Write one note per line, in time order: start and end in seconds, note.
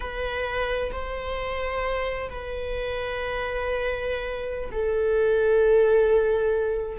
0.00 0.91 B4
0.91 2.29 C5
2.29 4.70 B4
4.71 6.98 A4